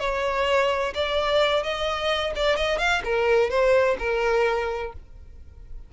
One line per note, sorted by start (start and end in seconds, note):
0.00 0.94 C#5
0.95 1.63 D5
1.63 2.34 D#5
2.36 2.57 D5
2.57 2.79 D#5
2.79 3.02 F5
3.05 3.50 A#4
3.50 3.97 C5
3.99 4.93 A#4